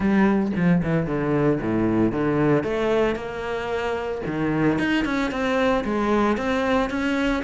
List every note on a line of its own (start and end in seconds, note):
0.00 0.51 G3
0.56 0.82 F3
0.83 1.06 E3
1.06 1.59 D3
1.60 2.11 A2
2.11 2.63 D3
2.63 3.15 A3
3.15 4.21 A#3
4.26 4.78 D#3
4.78 5.04 D#4
5.04 5.31 C#4
5.31 5.84 C4
5.84 6.37 G#3
6.37 6.90 C4
6.90 7.43 C#4